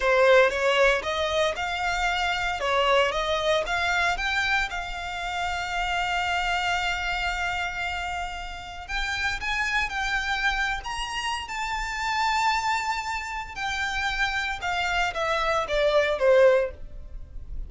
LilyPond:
\new Staff \with { instrumentName = "violin" } { \time 4/4 \tempo 4 = 115 c''4 cis''4 dis''4 f''4~ | f''4 cis''4 dis''4 f''4 | g''4 f''2.~ | f''1~ |
f''4 g''4 gis''4 g''4~ | g''8. ais''4~ ais''16 a''2~ | a''2 g''2 | f''4 e''4 d''4 c''4 | }